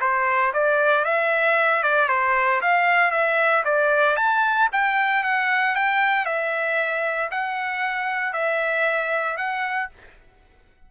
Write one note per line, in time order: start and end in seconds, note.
0.00 0.52 C5
0.53 1.04 D5
1.04 1.82 E5
1.82 2.08 D5
2.08 2.61 C5
2.61 3.11 F5
3.11 3.63 E5
3.64 4.16 D5
4.16 4.68 A5
4.72 5.23 G5
5.23 5.75 F#5
5.75 6.25 G5
6.25 7.29 E5
7.30 8.33 F#5
8.33 9.37 E5
9.37 9.89 F#5